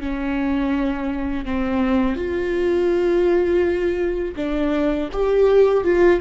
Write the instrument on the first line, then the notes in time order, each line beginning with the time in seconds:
viola
0.00 C#4
1.45 C4
2.16 F4
4.36 D4
5.13 G4
5.84 F4